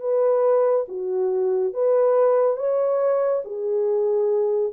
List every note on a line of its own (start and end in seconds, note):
0.00 0.86 B4
0.88 1.73 F#4
1.73 2.56 B4
2.56 3.42 C#5
3.44 4.73 G#4